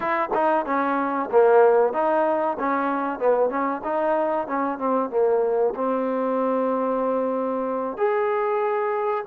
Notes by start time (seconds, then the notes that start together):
0.00 E4
0.34 D#4
0.65 C#4
1.31 A#3
1.93 D#4
2.59 C#4
3.19 B3
3.49 C#4
3.84 D#4
4.47 C#4
4.78 C4
5.10 A#3
5.75 C4
7.97 G#4